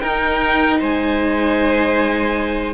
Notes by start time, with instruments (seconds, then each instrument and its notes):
0.00 viola D#4, cello D#4, violin A#4 G5
0.80 cello G#3, violin C5 G#5